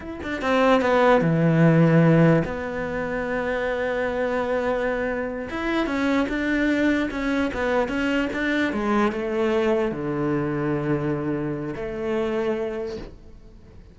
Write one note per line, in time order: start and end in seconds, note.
0.00 0.19 E4
0.22 0.41 D4
0.41 0.81 C4
0.81 1.21 B3
1.21 2.43 E3
2.44 5.48 B3
5.50 5.86 E4
5.86 6.26 C#4
6.28 7.09 D4
7.10 7.51 C#4
7.53 7.88 B3
7.88 8.29 C#4
8.33 8.72 D4
8.72 9.12 G#3
9.12 9.91 A3
9.91 11.74 D3
11.75 12.97 A3